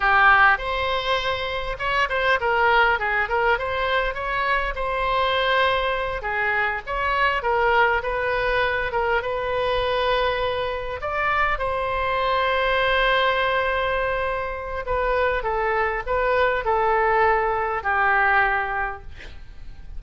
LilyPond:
\new Staff \with { instrumentName = "oboe" } { \time 4/4 \tempo 4 = 101 g'4 c''2 cis''8 c''8 | ais'4 gis'8 ais'8 c''4 cis''4 | c''2~ c''8 gis'4 cis''8~ | cis''8 ais'4 b'4. ais'8 b'8~ |
b'2~ b'8 d''4 c''8~ | c''1~ | c''4 b'4 a'4 b'4 | a'2 g'2 | }